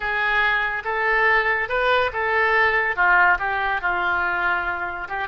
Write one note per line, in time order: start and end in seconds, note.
0.00 0.83 G#4
0.84 1.68 A4
1.68 2.10 B4
2.13 2.96 A4
2.96 3.38 F4
3.39 3.81 G4
3.81 5.08 F4
5.08 5.28 G4